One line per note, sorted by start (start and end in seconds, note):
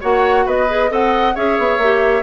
0.00 0.46 A#3
0.00 0.68 F#4
0.00 0.45 C#5
0.00 0.47 F#5
0.45 0.90 B3
0.45 0.90 B4
0.45 0.92 D#5
0.68 0.89 G#4
0.89 1.35 C4
0.89 1.33 A4
0.89 1.35 D#5
0.89 1.36 F#5
1.35 1.58 C#4
1.35 1.80 G#4
1.35 2.23 C#5
1.35 2.23 E5
1.58 1.78 B3
1.78 2.23 A#3
1.78 2.23 G4